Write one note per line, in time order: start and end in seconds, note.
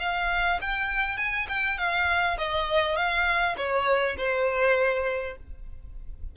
0.00 0.59 F5
0.62 1.17 G5
1.17 1.47 G#5
1.49 1.78 G5
1.78 2.38 F5
2.38 2.96 D#5
2.96 3.56 F5
3.58 4.17 C#5
4.18 5.37 C5